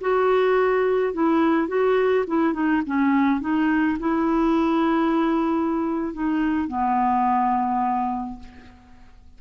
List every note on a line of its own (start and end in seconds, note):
0.00 1.13 F#4
1.13 1.67 E4
1.67 2.24 F#4
2.27 2.53 E4
2.53 2.82 D#4
2.86 3.40 C#4
3.40 3.97 D#4
3.99 6.13 E4
6.13 6.68 D#4
6.68 8.39 B3